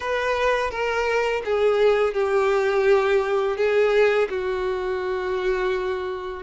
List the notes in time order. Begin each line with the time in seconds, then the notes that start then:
0.00 B4
0.70 A#4
1.44 G#4
2.13 G4
3.56 G#4
4.29 F#4